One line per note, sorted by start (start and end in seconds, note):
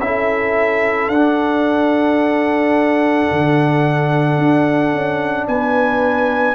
0.00 1.09 C#4
0.00 1.12 E4
0.00 1.09 E5
0.06 5.48 A4
1.09 3.27 D4
1.09 5.45 F#5
1.15 6.55 D4
3.32 4.38 D3
4.38 4.92 D4
4.92 5.47 C#4
5.48 6.55 B3
5.48 6.55 B4
5.48 6.55 G#5